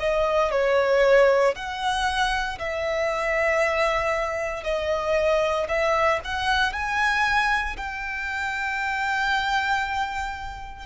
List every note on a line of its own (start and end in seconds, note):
0.00 0.52 D#5
0.52 1.55 C#5
1.55 2.59 F#5
2.59 4.64 E5
4.64 5.68 D#5
5.69 6.21 E5
6.24 6.73 F#5
6.73 7.76 G#5
7.77 10.86 G5